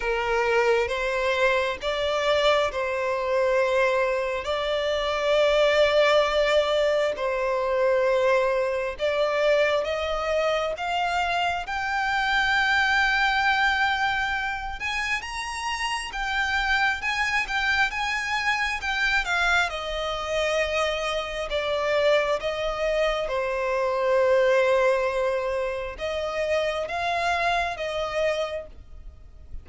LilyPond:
\new Staff \with { instrumentName = "violin" } { \time 4/4 \tempo 4 = 67 ais'4 c''4 d''4 c''4~ | c''4 d''2. | c''2 d''4 dis''4 | f''4 g''2.~ |
g''8 gis''8 ais''4 g''4 gis''8 g''8 | gis''4 g''8 f''8 dis''2 | d''4 dis''4 c''2~ | c''4 dis''4 f''4 dis''4 | }